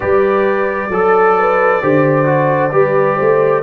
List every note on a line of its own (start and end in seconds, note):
0.00 0.89 G3
0.00 0.91 G4
0.00 0.90 B4
0.00 3.62 D5
0.89 1.80 F#3
0.89 1.35 A4
0.89 1.82 A4
1.38 1.82 B4
1.82 2.72 D3
1.82 2.25 G4
1.82 2.72 C5
2.25 2.70 F#4
2.71 3.18 G3
2.71 3.62 G4
2.71 3.16 B4
3.16 3.62 A3
3.16 3.62 C5